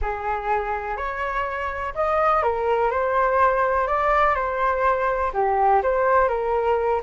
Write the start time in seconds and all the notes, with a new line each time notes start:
0.01 G#4
0.97 C#5
1.94 D#5
2.42 A#4
2.90 C5
3.87 D5
4.34 C5
5.33 G4
5.82 C5
6.28 A#4